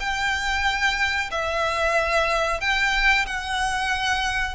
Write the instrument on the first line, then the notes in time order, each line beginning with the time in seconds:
violin
0.00 G5
1.31 E5
2.61 G5
3.26 F#5